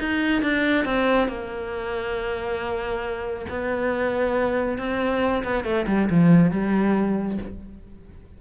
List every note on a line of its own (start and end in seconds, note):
0.00 0.43 D#4
0.43 0.85 D4
0.85 1.29 C4
1.29 3.46 A#3
3.50 4.79 B3
4.79 5.44 C4
5.44 5.65 B3
5.65 5.86 A3
5.88 6.09 G3
6.11 6.52 F3
6.52 7.39 G3